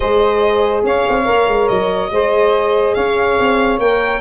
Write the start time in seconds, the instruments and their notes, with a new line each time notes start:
0.00 tuba G#3, horn G#4, saxophone C5, violin D#5
0.83 tuba C#4, saxophone C#5, violin F5
1.08 tuba C4
1.24 tuba A#3, horn A#4
1.47 tuba G#3
1.68 tuba F#3, violin D#5
2.10 tuba G#3, horn G#4, saxophone C5
2.94 tuba C#4, saxophone C#5, violin F5
3.39 tuba C4
3.78 tuba A#3, horn A#4, violin G5